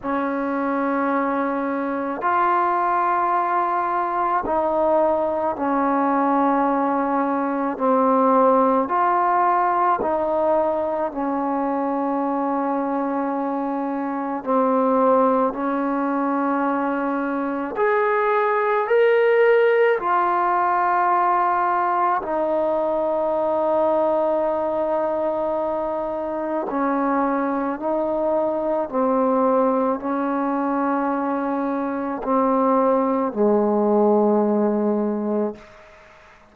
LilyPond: \new Staff \with { instrumentName = "trombone" } { \time 4/4 \tempo 4 = 54 cis'2 f'2 | dis'4 cis'2 c'4 | f'4 dis'4 cis'2~ | cis'4 c'4 cis'2 |
gis'4 ais'4 f'2 | dis'1 | cis'4 dis'4 c'4 cis'4~ | cis'4 c'4 gis2 | }